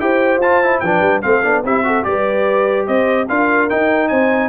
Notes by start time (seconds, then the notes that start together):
0.00 E4 G4 C5 G5
0.38 F4 A5
0.64 E4
0.80 F3 D4 B4 G5
1.01 G3
1.22 A3 C4 A4 F5
1.43 B3 D4
1.64 C4 E4 G4 E5
1.84 F#4 A4
2.03 G3 G4 B4 D5
2.87 C4 C5 D#5
3.29 D4 F4 A#4 F5
3.70 D#4 G5
4.08 C4 C5 G#5